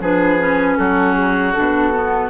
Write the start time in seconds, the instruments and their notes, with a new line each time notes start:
0.00 bassoon F3, clarinet D4, oboe G#4, flute B4
0.40 clarinet C#4
0.78 bassoon F#3, oboe F#4, flute A4
1.14 flute G#4
1.53 bassoon B2, clarinet D4, flute A4
1.94 clarinet B3